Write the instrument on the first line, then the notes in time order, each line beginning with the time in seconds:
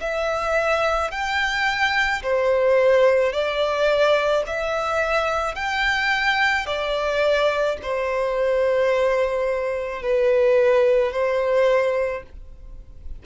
violin
0.00 E5
1.11 G5
2.22 C5
3.32 D5
4.46 E5
5.55 G5
6.66 D5
7.82 C5
10.02 B4
11.12 C5